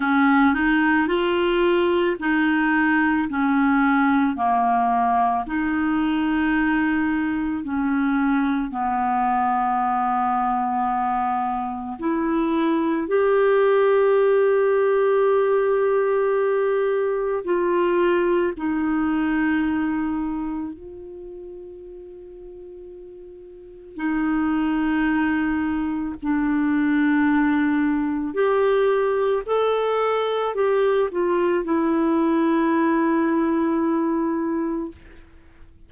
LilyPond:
\new Staff \with { instrumentName = "clarinet" } { \time 4/4 \tempo 4 = 55 cis'8 dis'8 f'4 dis'4 cis'4 | ais4 dis'2 cis'4 | b2. e'4 | g'1 |
f'4 dis'2 f'4~ | f'2 dis'2 | d'2 g'4 a'4 | g'8 f'8 e'2. | }